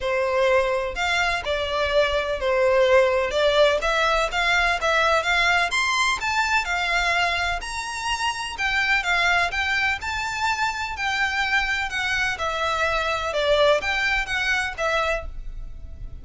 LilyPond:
\new Staff \with { instrumentName = "violin" } { \time 4/4 \tempo 4 = 126 c''2 f''4 d''4~ | d''4 c''2 d''4 | e''4 f''4 e''4 f''4 | c'''4 a''4 f''2 |
ais''2 g''4 f''4 | g''4 a''2 g''4~ | g''4 fis''4 e''2 | d''4 g''4 fis''4 e''4 | }